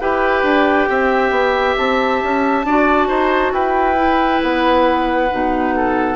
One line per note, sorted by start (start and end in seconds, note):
0.00 0.43 E4
0.00 2.65 G4
0.00 0.89 B4
0.00 1.76 G5
0.43 0.87 D4
0.90 1.31 C4
0.90 2.66 E5
1.31 1.75 B3
1.77 2.22 C4
1.77 3.53 A5
2.23 2.65 C#4
2.65 3.09 D4
2.65 3.96 F#4
2.65 3.08 D5
3.08 3.52 D#4
3.08 3.52 C5
3.52 4.41 E4
3.52 5.75 B4
3.52 4.42 G5
3.96 5.28 E4
4.43 5.31 B3
4.43 6.16 F#5
5.31 6.16 B2
5.31 6.16 D#4
5.76 6.16 A4